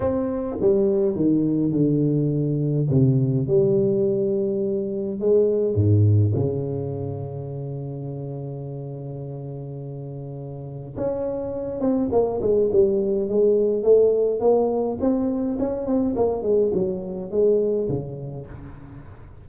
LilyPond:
\new Staff \with { instrumentName = "tuba" } { \time 4/4 \tempo 4 = 104 c'4 g4 dis4 d4~ | d4 c4 g2~ | g4 gis4 gis,4 cis4~ | cis1~ |
cis2. cis'4~ | cis'8 c'8 ais8 gis8 g4 gis4 | a4 ais4 c'4 cis'8 c'8 | ais8 gis8 fis4 gis4 cis4 | }